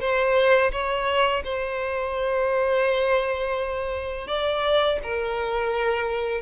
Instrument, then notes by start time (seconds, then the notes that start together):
violin
0.00 C5
0.71 C#5
1.44 C5
4.28 D5
5.03 A#4